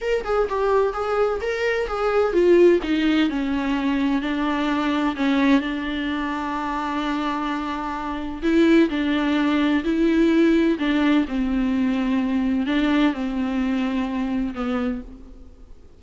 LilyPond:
\new Staff \with { instrumentName = "viola" } { \time 4/4 \tempo 4 = 128 ais'8 gis'8 g'4 gis'4 ais'4 | gis'4 f'4 dis'4 cis'4~ | cis'4 d'2 cis'4 | d'1~ |
d'2 e'4 d'4~ | d'4 e'2 d'4 | c'2. d'4 | c'2. b4 | }